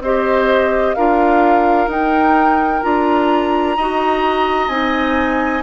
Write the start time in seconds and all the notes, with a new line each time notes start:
0.00 C4 G4 C5 D#5
0.94 D4 F4 A#4 F5
1.87 D#4 G5
2.82 D4 F4 A#5
3.76 D#4 F#4 D#5
4.68 C4 D#4 G#5